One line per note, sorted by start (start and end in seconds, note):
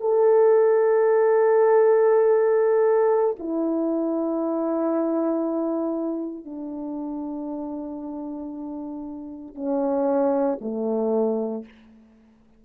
0.00 3.36 A4
3.39 6.45 E4
6.45 9.55 D4
9.55 10.58 C#4
10.61 11.65 A3